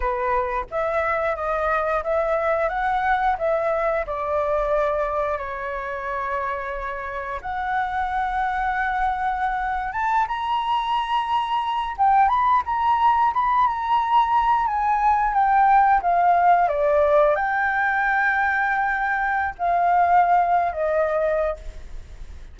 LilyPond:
\new Staff \with { instrumentName = "flute" } { \time 4/4 \tempo 4 = 89 b'4 e''4 dis''4 e''4 | fis''4 e''4 d''2 | cis''2. fis''4~ | fis''2~ fis''8. a''8 ais''8.~ |
ais''4.~ ais''16 g''8 b''8 ais''4 b''16~ | b''16 ais''4. gis''4 g''4 f''16~ | f''8. d''4 g''2~ g''16~ | g''4 f''4.~ f''16 dis''4~ dis''16 | }